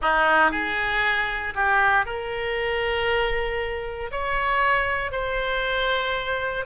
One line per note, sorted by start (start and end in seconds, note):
0.01 0.51 D#4
0.51 1.54 G#4
1.55 2.05 G4
2.05 4.10 A#4
4.11 5.11 C#5
5.11 6.65 C5